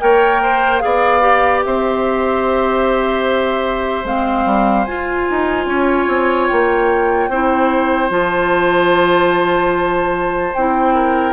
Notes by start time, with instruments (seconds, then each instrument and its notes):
0.00 bassoon A#3, clarinet A#4, oboe C#5, flute G5
0.42 oboe C5
0.79 bassoon B3, clarinet G#4, oboe D5, flute F5
1.21 clarinet G4
1.64 bassoon C4, oboe C5, flute E5
4.04 bassoon G#3, clarinet C4, flute F5
4.45 bassoon G3
4.85 clarinet F4, bassoon F4, flute G#5
5.30 bassoon D#4
5.66 bassoon C#4, oboe C#5
6.08 bassoon C4
6.48 bassoon A#3, flute G5
7.28 bassoon C4, clarinet E4, oboe C5
8.09 bassoon F3, clarinet F4, flute A5
10.54 bassoon C4, clarinet E4, flute G5
10.94 oboe A#4